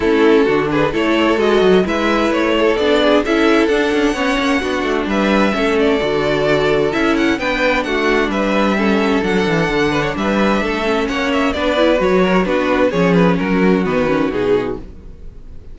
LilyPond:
<<
  \new Staff \with { instrumentName = "violin" } { \time 4/4 \tempo 4 = 130 a'4. b'8 cis''4 dis''4 | e''4 cis''4 d''4 e''4 | fis''2. e''4~ | e''8 d''2~ d''8 e''8 fis''8 |
g''4 fis''4 e''2 | fis''2 e''2 | fis''8 e''8 d''4 cis''4 b'4 | cis''8 b'8 ais'4 b'4 gis'4 | }
  \new Staff \with { instrumentName = "violin" } { \time 4/4 e'4 fis'8 gis'8 a'2 | b'4. a'4 gis'8 a'4~ | a'4 cis''4 fis'4 b'4 | a'1 |
b'4 fis'4 b'4 a'4~ | a'4. b'16 cis''16 b'4 a'4 | cis''4 b'4. ais'8 fis'4 | gis'4 fis'2. | }
  \new Staff \with { instrumentName = "viola" } { \time 4/4 cis'4 d'4 e'4 fis'4 | e'2 d'4 e'4 | d'4 cis'4 d'2 | cis'4 fis'2 e'4 |
d'2. cis'4 | d'2.~ d'8 cis'8~ | cis'4 d'8 e'8 fis'4 d'4 | cis'2 b8 cis'8 dis'4 | }
  \new Staff \with { instrumentName = "cello" } { \time 4/4 a4 d4 a4 gis8 fis8 | gis4 a4 b4 cis'4 | d'8 cis'8 b8 ais8 b8 a8 g4 | a4 d2 cis'4 |
b4 a4 g2 | fis8 e8 d4 g4 a4 | ais4 b4 fis4 b4 | f4 fis4 dis4 b,4 | }
>>